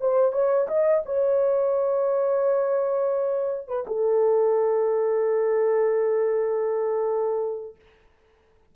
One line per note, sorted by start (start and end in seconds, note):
0.00 0.32 C5
0.32 0.67 C#5
0.67 1.03 D#5
1.05 3.68 C#5
3.68 3.85 B4
3.87 7.75 A4